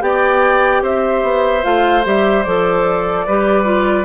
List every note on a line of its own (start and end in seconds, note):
0.00 0.82 B3
0.00 1.62 G4
0.00 0.83 D5
0.00 0.83 G5
0.82 1.22 C4
0.82 3.26 C5
0.82 1.64 E5
1.23 1.63 B3
1.63 2.05 A3
1.63 2.03 F4
1.63 2.05 F5
2.04 2.46 G3
2.04 2.44 G4
2.04 2.43 E5
2.43 3.27 F3
2.43 3.27 A4
2.43 4.05 D5
3.26 4.05 G3
3.26 3.64 G4
3.26 4.05 B4
3.64 4.04 F4